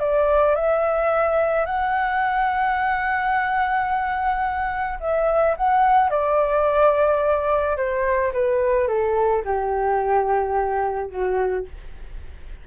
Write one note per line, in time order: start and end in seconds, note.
0.00 0.56 D5
0.56 1.66 E5
1.66 4.99 F#5
5.00 5.56 E5
5.57 6.11 F#5
6.11 7.77 D5
7.77 8.33 C5
8.34 8.88 B4
8.88 9.44 A4
9.45 11.10 G4
11.10 11.66 F#4